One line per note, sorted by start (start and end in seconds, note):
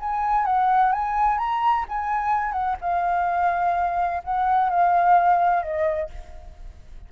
0.00 0.46 G#5
0.46 0.92 F#5
0.92 1.39 G#5
1.39 1.86 A#5
1.89 2.53 G#5
2.53 2.76 F#5
2.81 4.23 F5
4.24 4.70 F#5
4.70 5.63 F5
5.63 6.10 D#5